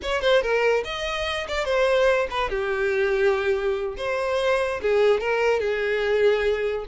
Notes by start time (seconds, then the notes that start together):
0.02 C#5
0.21 C5
0.41 A#4
0.84 D#5
1.48 D5
1.64 C5
2.30 B4
2.49 G4
3.97 C5
4.81 G#4
5.20 A#4
5.60 G#4